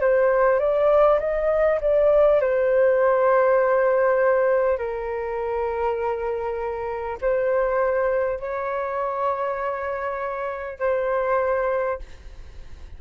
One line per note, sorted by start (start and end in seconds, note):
0.00 0.59 C5
0.59 1.19 D5
1.19 1.79 D#5
1.80 2.40 D5
2.41 4.77 C5
4.77 7.17 A#4
7.21 8.39 C5
8.39 10.79 C#5
10.79 11.99 C5